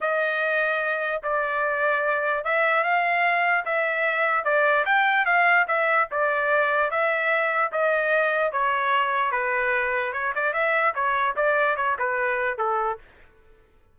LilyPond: \new Staff \with { instrumentName = "trumpet" } { \time 4/4 \tempo 4 = 148 dis''2. d''4~ | d''2 e''4 f''4~ | f''4 e''2 d''4 | g''4 f''4 e''4 d''4~ |
d''4 e''2 dis''4~ | dis''4 cis''2 b'4~ | b'4 cis''8 d''8 e''4 cis''4 | d''4 cis''8 b'4. a'4 | }